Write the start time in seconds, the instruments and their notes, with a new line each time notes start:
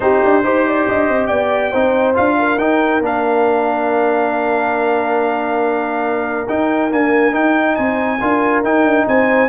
0.00 tuba C4, trombone D#4, horn G4, trumpet C5
0.24 tuba D4
0.43 tuba D#4, trombone G4, horn C5
0.66 horn D5
0.88 tuba D4, horn D#5
1.08 tuba C4
1.26 tuba B3, horn D5, trumpet G5
1.71 tuba C4, trombone D#4, horn C5
2.14 tuba D4, trombone F4, trumpet F5
2.38 horn A#4
2.57 tuba D#4, trombone D#4, trumpet G5
3.01 tuba A#3, trombone D4, trumpet F5
6.48 trombone D#4, tuba D#4, trumpet G5
6.90 trombone A#3, tuba D4, trumpet G#5
7.32 trombone D#4, tuba D#4, trumpet G5
7.75 tuba C4, horn C5, trumpet G#5
8.20 tuba D4, trombone F4, horn A#4
8.63 tuba D#4, trombone D#4, trumpet G5
8.84 tuba D4
9.07 tuba C4, horn C5, trumpet G#5